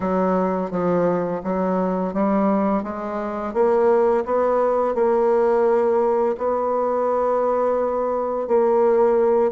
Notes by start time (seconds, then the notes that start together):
0.00 F#3
0.71 F3
1.43 F#3
2.13 G3
2.83 G#3
3.53 A#3
4.25 B3
4.94 A#3
6.37 B3
8.47 A#3